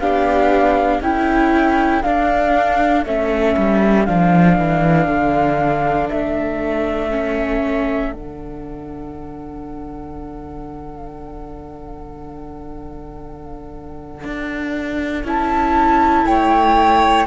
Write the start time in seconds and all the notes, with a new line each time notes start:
0.00 B3 D4 G4 F5
1.01 C#4 E4 A4 G5
2.03 D4 F5
3.05 A3 C#4 E5
3.57 G3
4.06 F3 D4 F5
4.59 E3
5.08 D3
6.09 A3 E5
7.11 C#4
8.12 D3 D4 F#5
14.24 D4
15.24 C#4 E4 A5
16.26 A3 C#5 G5